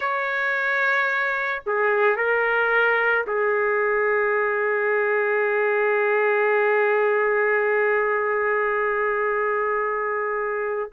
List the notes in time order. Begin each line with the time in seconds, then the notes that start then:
0.00 C#5
1.66 G#4
2.16 A#4
3.26 G#4